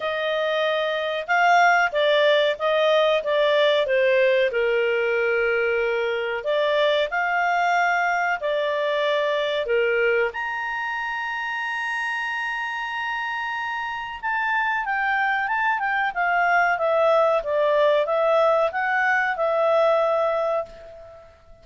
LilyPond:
\new Staff \with { instrumentName = "clarinet" } { \time 4/4 \tempo 4 = 93 dis''2 f''4 d''4 | dis''4 d''4 c''4 ais'4~ | ais'2 d''4 f''4~ | f''4 d''2 ais'4 |
ais''1~ | ais''2 a''4 g''4 | a''8 g''8 f''4 e''4 d''4 | e''4 fis''4 e''2 | }